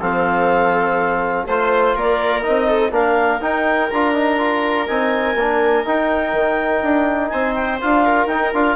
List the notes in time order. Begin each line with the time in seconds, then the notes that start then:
0.00 F3 C4 A4 F5
1.46 A3 F4 C5
1.95 A#3 A#4 D5
2.42 C4 D#4 D#5
2.67 A4
2.91 A#3 D4 A#4 F5
3.41 D#4 G5
3.90 D4 F4 A#5
4.14 D#4
4.38 F4
4.87 C4 D#4 G#5
5.35 A#3 D4
5.85 D#4 G5
6.33 D#3
6.82 D4
7.29 C4 C5 G#5
7.54 G5
7.80 D4 F4 F5
8.05 A#4
8.26 D#4 G5
8.54 D4 F4 F5